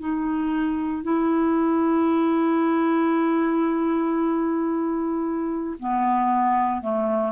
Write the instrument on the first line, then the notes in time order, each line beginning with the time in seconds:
clarinet
0.00 D#4
1.03 E4
5.79 B3
6.82 A3